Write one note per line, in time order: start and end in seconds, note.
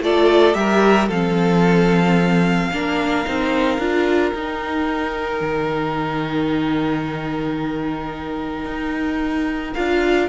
0.00 0.54 A3
0.00 0.53 F4
0.00 0.57 A4
0.00 0.54 D5
0.53 1.08 G3
0.53 1.07 G4
0.53 1.08 A#4
0.53 1.08 E5
1.08 2.70 F3
1.08 2.72 C4
1.08 2.70 A4
1.08 4.33 F5
2.72 3.26 A#3
2.72 3.25 D4
2.72 10.28 A#4
3.25 3.78 C4
3.25 3.79 D#4
3.78 4.32 D4
3.78 4.34 F4
4.33 5.40 D#4
4.33 9.74 D#4
4.33 9.73 G5
5.40 8.65 D#3
8.65 9.73 D#4
9.74 10.28 D4
9.74 10.28 F4
9.74 10.28 F5